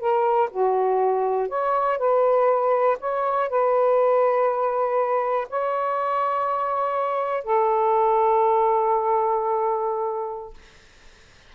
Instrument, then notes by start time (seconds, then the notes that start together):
saxophone
0.00 A#4
0.51 F#4
1.49 C#5
1.99 B4
3.00 C#5
3.50 B4
5.50 C#5
7.44 A4